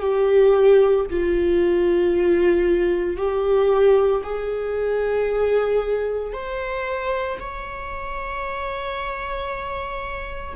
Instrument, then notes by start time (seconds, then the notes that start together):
viola
0.00 G4
1.10 F4
3.16 G4
4.23 G#4
6.33 C5
7.39 C#5